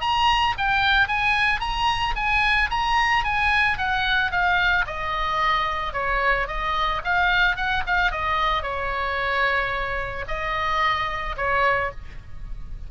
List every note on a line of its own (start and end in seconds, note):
0.00 0.54 A#5
0.57 1.07 G5
1.07 1.60 G#5
1.60 2.14 A#5
2.15 2.69 G#5
2.70 3.24 A#5
3.24 3.78 G#5
3.78 4.31 F#5
4.31 4.85 F5
4.86 5.93 D#5
5.93 6.47 C#5
6.47 7.01 D#5
7.04 7.56 F5
7.56 7.83 F#5
7.86 8.11 F5
8.11 8.62 D#5
8.62 10.25 C#5
10.28 11.36 D#5
11.36 11.90 C#5